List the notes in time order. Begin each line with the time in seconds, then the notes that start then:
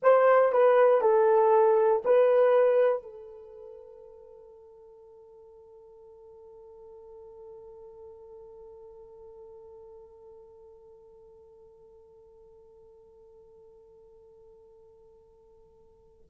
0.02 C5
0.52 B4
1.01 A4
2.04 B4
3.02 A4